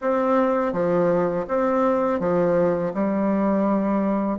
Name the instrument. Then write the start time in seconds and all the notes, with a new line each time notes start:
bassoon
0.01 C4
0.73 F3
1.48 C4
2.20 F3
2.94 G3